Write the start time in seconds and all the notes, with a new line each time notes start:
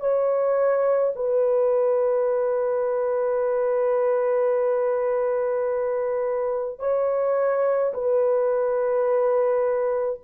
0.00 C#5
1.16 B4
6.79 C#5
7.93 B4